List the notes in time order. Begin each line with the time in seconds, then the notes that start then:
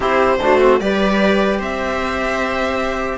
0.00 C4 E4 G4 C5
0.41 A3 D4 F#4
0.60 C4
0.80 G3 G4 B4 D5
1.59 C4 C5 E5